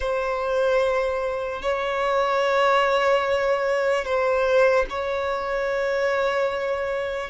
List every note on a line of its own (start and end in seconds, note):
0.00 1.62 C5
1.62 4.04 C#5
4.04 4.85 C5
4.89 7.30 C#5